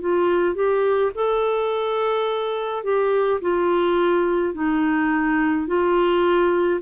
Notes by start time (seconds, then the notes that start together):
0.00 F4
0.55 G4
1.15 A4
2.84 G4
3.41 F4
4.54 D#4
5.67 F4